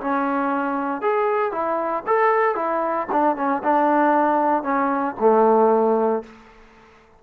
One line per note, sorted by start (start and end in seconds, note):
0.00 1.01 C#4
1.01 1.51 G#4
1.51 2.03 E4
2.06 2.55 A4
2.55 3.07 E4
3.12 3.36 D4
3.36 3.62 C#4
3.63 4.63 D4
4.63 5.14 C#4
5.19 6.23 A3